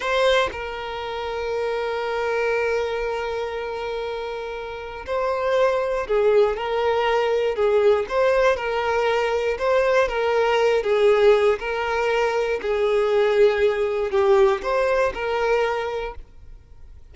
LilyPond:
\new Staff \with { instrumentName = "violin" } { \time 4/4 \tempo 4 = 119 c''4 ais'2.~ | ais'1~ | ais'2 c''2 | gis'4 ais'2 gis'4 |
c''4 ais'2 c''4 | ais'4. gis'4. ais'4~ | ais'4 gis'2. | g'4 c''4 ais'2 | }